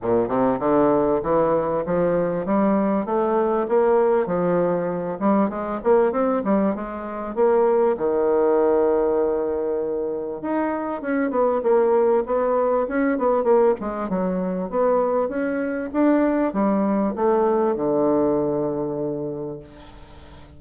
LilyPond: \new Staff \with { instrumentName = "bassoon" } { \time 4/4 \tempo 4 = 98 ais,8 c8 d4 e4 f4 | g4 a4 ais4 f4~ | f8 g8 gis8 ais8 c'8 g8 gis4 | ais4 dis2.~ |
dis4 dis'4 cis'8 b8 ais4 | b4 cis'8 b8 ais8 gis8 fis4 | b4 cis'4 d'4 g4 | a4 d2. | }